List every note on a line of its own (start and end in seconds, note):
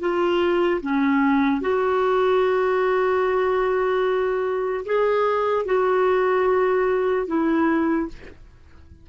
0.00 0.81 F4
0.82 1.61 C#4
1.61 4.86 F#4
4.86 5.66 G#4
5.66 7.28 F#4
7.28 8.09 E4